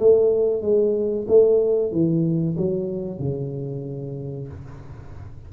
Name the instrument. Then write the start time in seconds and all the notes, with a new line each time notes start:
tuba
0.00 A3
0.62 G#3
1.28 A3
1.92 E3
2.58 F#3
3.19 C#3